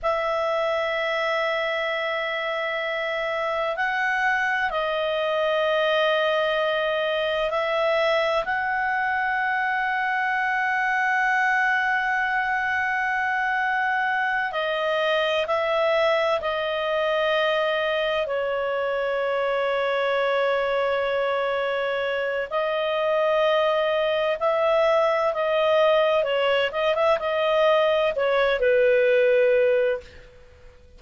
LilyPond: \new Staff \with { instrumentName = "clarinet" } { \time 4/4 \tempo 4 = 64 e''1 | fis''4 dis''2. | e''4 fis''2.~ | fis''2.~ fis''8 dis''8~ |
dis''8 e''4 dis''2 cis''8~ | cis''1 | dis''2 e''4 dis''4 | cis''8 dis''16 e''16 dis''4 cis''8 b'4. | }